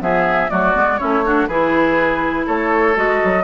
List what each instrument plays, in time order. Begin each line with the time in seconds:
0.00 bassoon F3, clarinet B3, oboe G#4, flute E5
0.49 bassoon F#3, clarinet A3, oboe F#4, flute D5
0.74 bassoon G#3, clarinet B3
0.97 bassoon A3, clarinet C#4, oboe E4, flute C#5
1.24 clarinet D4, oboe F#4
1.47 bassoon E3, clarinet E4, oboe G#4, flute B4
2.46 bassoon A3, oboe A4, flute C#5
2.95 bassoon G#3, clarinet F#4, flute D#5
3.24 bassoon F#3